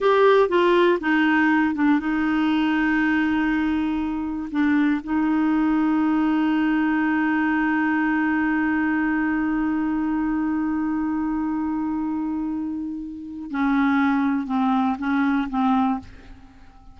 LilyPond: \new Staff \with { instrumentName = "clarinet" } { \time 4/4 \tempo 4 = 120 g'4 f'4 dis'4. d'8 | dis'1~ | dis'4 d'4 dis'2~ | dis'1~ |
dis'1~ | dis'1~ | dis'2. cis'4~ | cis'4 c'4 cis'4 c'4 | }